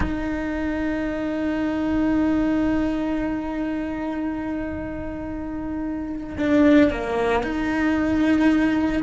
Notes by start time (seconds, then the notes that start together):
0.00 D#4
6.37 D4
6.91 A#3
7.43 D#4